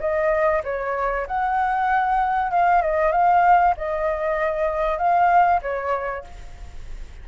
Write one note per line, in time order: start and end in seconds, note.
0.00 0.62 D#5
0.64 1.27 C#5
1.27 2.51 F#5
2.51 2.82 F5
2.82 3.12 D#5
3.12 3.75 F5
3.77 4.98 D#5
4.98 5.61 F5
5.62 6.24 C#5